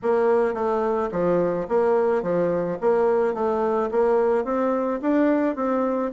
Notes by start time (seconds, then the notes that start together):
0.02 A#3
0.54 A3
1.11 F3
1.68 A#3
2.22 F3
2.80 A#3
3.34 A3
3.91 A#3
4.44 C4
5.01 D4
5.55 C4